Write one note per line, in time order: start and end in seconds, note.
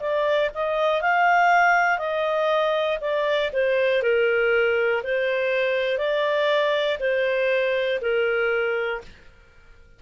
0.00 0.50 D5
0.54 1.01 D#5
1.01 1.98 F5
1.98 2.98 D#5
3.00 3.50 D5
3.53 4.02 C5
4.02 5.02 A#4
5.03 5.98 C5
5.98 6.98 D5
6.99 7.99 C5
8.01 9.01 A#4